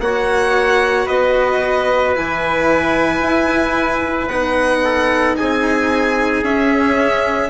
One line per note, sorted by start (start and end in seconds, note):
0.00 1.07 A#3
0.00 2.15 F#4
0.00 1.06 C#5
0.00 1.07 F#5
1.06 2.16 B3
1.06 4.81 B4
1.06 2.15 D#5
2.15 3.22 E3
2.15 4.29 E4
2.15 4.28 G#5
3.22 4.28 E4
4.28 5.35 B3
4.28 6.44 D#4
4.28 5.35 F#5
4.84 5.38 A4
5.37 6.43 C4
5.37 7.50 G#4
5.37 6.44 G#5
6.43 7.50 C#4
6.43 7.50 E5